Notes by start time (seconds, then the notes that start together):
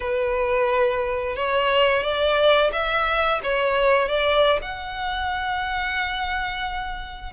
0.00 B4
1.35 C#5
2.02 D5
2.72 E5
3.43 C#5
4.08 D5
4.61 F#5